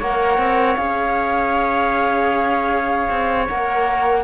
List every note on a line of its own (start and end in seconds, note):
0.00 0.39 A#3
0.00 0.77 A#4
0.00 4.23 C#5
0.00 0.77 F#5
0.39 0.77 C4
0.77 3.09 C#4
0.77 3.47 G#4
0.77 3.46 F5
3.10 3.49 C4
3.48 4.25 A#3
3.48 4.25 A#4
3.48 4.25 F#5